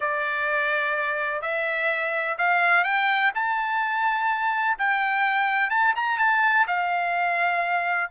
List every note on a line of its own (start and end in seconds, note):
0.00 1.41 D5
1.41 2.37 E5
2.38 2.83 F5
2.83 3.31 G5
3.34 4.77 A5
4.78 5.70 G5
5.70 5.94 A5
5.95 6.18 A#5
6.18 6.66 A5
6.67 8.10 F5